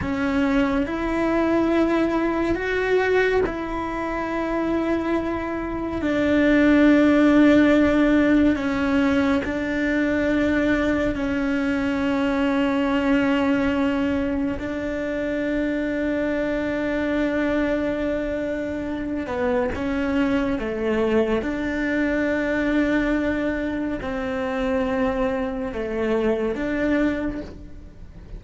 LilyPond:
\new Staff \with { instrumentName = "cello" } { \time 4/4 \tempo 4 = 70 cis'4 e'2 fis'4 | e'2. d'4~ | d'2 cis'4 d'4~ | d'4 cis'2.~ |
cis'4 d'2.~ | d'2~ d'8 b8 cis'4 | a4 d'2. | c'2 a4 d'4 | }